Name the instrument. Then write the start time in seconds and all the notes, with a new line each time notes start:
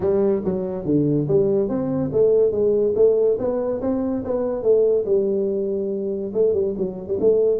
tuba
0.00 G3
0.44 F#3
0.85 D3
1.28 G3
1.68 C4
2.12 A3
2.51 G#3
2.95 A3
3.38 B3
3.81 C4
4.24 B3
4.62 A3
5.05 G3
6.33 A3
6.53 G3
6.77 F#3
7.07 G3
7.19 A3